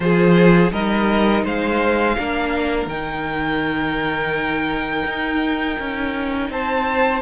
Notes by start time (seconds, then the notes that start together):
0.00 F3 F4 G#4 C5
0.72 G3 D#4 A#4 D#5
1.44 G#3 C5 F5
2.17 A#3 D4 A#4
2.86 D#3 D#4 G5
5.04 D#4
5.79 C#4
6.49 C4 C5 A5